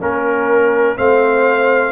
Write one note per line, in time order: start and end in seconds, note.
0.00 0.97 A#3
0.00 0.97 C#4
0.00 0.97 A#4
0.97 1.92 A3
0.97 1.92 C4
0.97 1.92 C5
0.97 1.92 F5